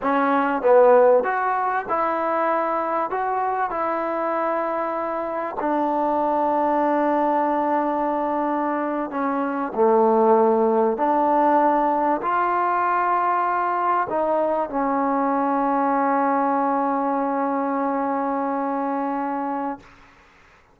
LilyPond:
\new Staff \with { instrumentName = "trombone" } { \time 4/4 \tempo 4 = 97 cis'4 b4 fis'4 e'4~ | e'4 fis'4 e'2~ | e'4 d'2.~ | d'2~ d'8. cis'4 a16~ |
a4.~ a16 d'2 f'16~ | f'2~ f'8. dis'4 cis'16~ | cis'1~ | cis'1 | }